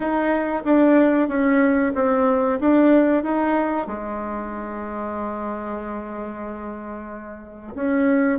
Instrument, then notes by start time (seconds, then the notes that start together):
bassoon
0.00 D#4
0.65 D4
1.28 C#4
1.94 C4
2.60 D4
3.23 D#4
3.87 G#3
7.74 C#4